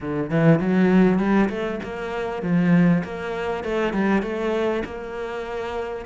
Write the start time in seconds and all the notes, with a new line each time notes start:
0.01 D3
0.30 E3
0.59 F#3
1.18 G3
1.49 A3
1.83 A#3
2.42 F3
3.04 A#3
3.64 A3
3.93 G3
4.22 A3
4.84 A#3